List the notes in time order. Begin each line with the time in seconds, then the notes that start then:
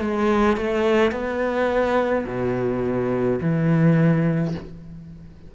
0.00 G#3
0.57 A3
1.12 B3
2.26 B2
3.41 E3